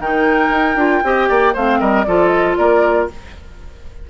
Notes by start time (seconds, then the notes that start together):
0.00 D#3 D#4 A#4 G5
0.50 D#4
0.76 D4 F4
1.04 C4 G4 D#5
1.29 A#3 D5
1.54 A3 C4 C5 F5
1.80 G3 A#4 D#5
2.04 F3 F4 A4 D5
2.29 D#5
2.57 A#3 A#4 D5